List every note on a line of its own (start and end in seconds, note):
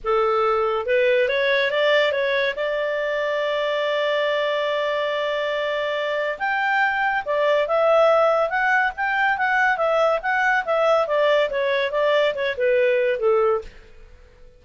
0.04 0.86 A4
0.86 1.28 B4
1.28 1.71 C#5
1.71 2.12 D5
2.12 2.54 C#5
2.55 6.38 D5
6.38 7.23 G5
7.25 7.67 D5
7.67 8.49 E5
8.49 8.92 F#5
8.96 9.37 G5
9.37 9.77 F#5
9.77 10.19 E5
10.22 10.64 F#5
10.65 11.07 E5
11.07 11.49 D5
11.50 11.91 C#5
11.91 12.33 D5
12.34 12.56 C#5
12.57 13.19 B4
13.19 13.61 A4